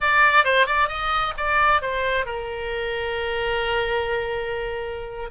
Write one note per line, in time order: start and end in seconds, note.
0.00 0.44 D5
0.44 0.66 C5
0.66 0.88 D5
0.88 1.33 D#5
1.37 1.81 D5
1.81 2.25 C5
2.25 5.30 A#4